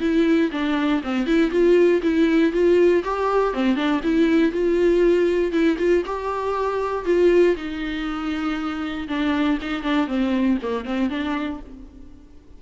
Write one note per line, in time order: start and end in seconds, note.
0.00 0.50 E4
0.52 1.02 D4
1.03 1.27 C4
1.27 1.51 E4
1.51 2.01 F4
2.02 2.53 E4
2.53 3.03 F4
3.04 3.54 G4
3.54 3.76 C4
3.76 4.01 D4
4.03 4.52 E4
4.52 5.52 F4
5.52 5.78 E4
5.78 6.03 F4
6.06 7.05 G4
7.05 7.56 F4
7.56 9.08 D#4
9.08 9.58 D4
9.61 9.83 D#4
9.83 10.07 D4
10.07 10.58 C4
10.62 10.85 A#3
10.85 11.10 C4
11.10 11.60 D4